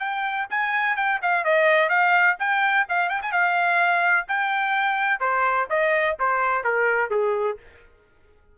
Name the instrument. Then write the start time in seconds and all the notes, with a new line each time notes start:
trumpet
0.00 G5
0.51 G#5
0.97 G5
1.23 F5
1.45 D#5
1.89 F5
2.39 G5
2.89 F5
3.10 G5
3.23 G#5
3.32 F5
4.28 G5
5.20 C5
5.70 D#5
6.20 C5
6.64 A#4
7.11 G#4